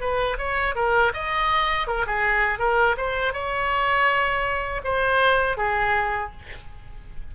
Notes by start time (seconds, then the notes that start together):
0.00 B4
0.38 C#5
0.75 A#4
1.13 D#5
1.87 A#4
2.06 G#4
2.59 A#4
2.97 C5
3.33 C#5
4.84 C5
5.57 G#4